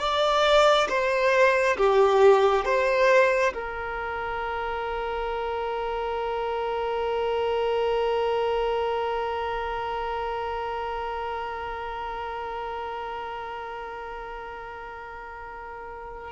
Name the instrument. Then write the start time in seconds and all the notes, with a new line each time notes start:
violin
0.00 D5
0.89 C5
1.78 G4
2.66 C5
3.54 A#4